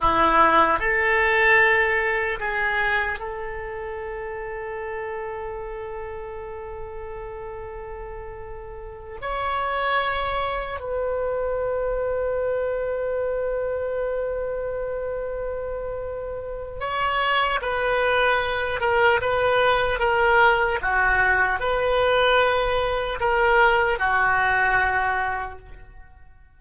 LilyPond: \new Staff \with { instrumentName = "oboe" } { \time 4/4 \tempo 4 = 75 e'4 a'2 gis'4 | a'1~ | a'2.~ a'8 cis''8~ | cis''4. b'2~ b'8~ |
b'1~ | b'4 cis''4 b'4. ais'8 | b'4 ais'4 fis'4 b'4~ | b'4 ais'4 fis'2 | }